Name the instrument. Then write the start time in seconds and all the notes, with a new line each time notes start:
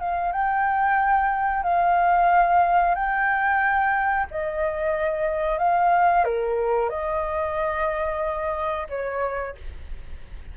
flute
0.00 F5
0.32 G5
1.63 F5
2.95 G5
4.31 D#5
5.59 F5
6.24 A#4
6.89 D#5
8.89 C#5